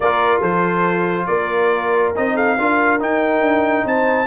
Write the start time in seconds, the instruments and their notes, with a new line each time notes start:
0.00 tuba A#3, trombone F4, horn A#4, trumpet D5
0.40 tuba F3, horn A4, trumpet C5
1.26 tuba A#3, horn A#4, trumpet D5
2.15 tuba C4, trombone D#4, trumpet D#5
2.34 horn A4, trumpet F5
2.58 tuba D4, trombone F4, horn A#4
2.99 trombone D#4, tuba D#4, trumpet G5
3.41 tuba D4
3.84 tuba C4, horn C5, trumpet A5